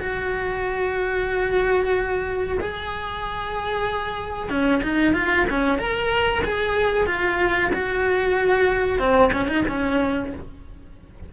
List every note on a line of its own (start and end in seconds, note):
0.00 2.58 F#4
2.60 4.50 G#4
4.50 4.82 C#4
4.83 5.13 D#4
5.13 5.46 F4
5.50 5.78 C#4
5.78 6.43 A#4
6.44 7.06 G#4
7.06 7.71 F4
7.73 8.99 F#4
8.99 9.31 C4
9.33 9.48 C#4
9.48 9.64 D#4
9.68 10.33 C#4